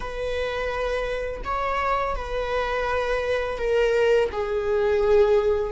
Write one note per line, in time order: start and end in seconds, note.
0.00 1.41 B4
1.44 2.15 C#5
2.15 3.58 B4
3.58 4.29 A#4
4.32 5.72 G#4